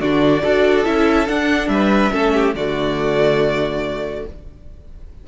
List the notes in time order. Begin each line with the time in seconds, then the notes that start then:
0.00 D3 D4 F#4 D5
0.42 D4 F#4 A4
0.84 C#4 E4 E5
1.27 D4 F#5
1.68 G3 B4 E5
2.12 A3 C#4 A4
2.34 G4
2.54 D3 A3 F#4 D5